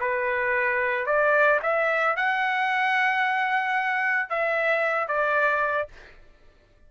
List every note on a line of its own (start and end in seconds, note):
0.00 1.06 B4
1.06 1.59 D5
1.62 2.16 E5
2.16 4.29 F#5
4.29 5.07 E5
5.07 5.88 D5